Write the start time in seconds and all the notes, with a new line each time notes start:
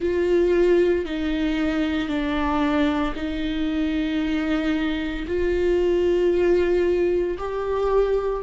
0.00 F4
1.05 D#4
2.08 D4
3.15 D#4
5.27 F4
7.38 G4